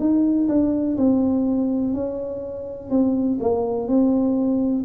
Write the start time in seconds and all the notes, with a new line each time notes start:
0.00 D#4
0.49 D4
0.98 C4
1.94 C#4
2.90 C4
3.41 A#3
3.88 C4